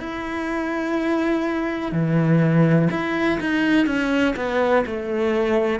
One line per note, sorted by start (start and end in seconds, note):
0.00 1.92 E4
1.92 2.89 E3
2.91 3.39 E4
3.40 3.86 D#4
3.86 4.35 C#4
4.36 4.85 B3
4.87 5.80 A3